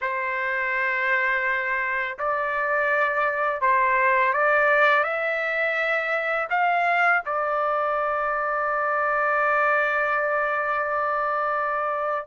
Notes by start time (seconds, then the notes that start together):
0.01 C5
2.18 D5
3.61 C5
4.33 D5
5.03 E5
6.50 F5
7.25 D5